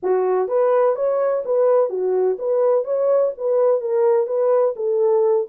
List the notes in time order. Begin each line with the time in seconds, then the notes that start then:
0.02 F#4
0.48 B4
0.95 C#5
1.45 B4
1.89 F#4
2.39 B4
2.84 C#5
3.37 B4
3.81 A#4
4.26 B4
4.76 A4